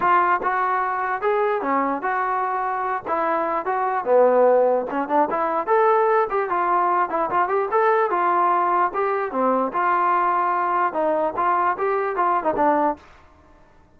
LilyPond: \new Staff \with { instrumentName = "trombone" } { \time 4/4 \tempo 4 = 148 f'4 fis'2 gis'4 | cis'4 fis'2~ fis'8 e'8~ | e'4 fis'4 b2 | cis'8 d'8 e'4 a'4. g'8 |
f'4. e'8 f'8 g'8 a'4 | f'2 g'4 c'4 | f'2. dis'4 | f'4 g'4 f'8. dis'16 d'4 | }